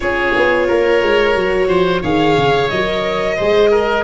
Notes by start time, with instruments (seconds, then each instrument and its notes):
0.00 tuba C#4, viola F4, oboe G#4, violin C#5
0.35 tuba B3
0.67 tuba A#3, oboe A#4
1.02 tuba G#3
1.35 tuba F#3, viola F#4
1.67 tuba F3, oboe C5
2.01 tuba D#3, viola G#4, oboe C#5, violin F5
2.37 tuba C#3
2.69 tuba F#3, viola A#4, violin D#5
3.36 tuba G#3, viola G#4, oboe C5
3.70 oboe A#4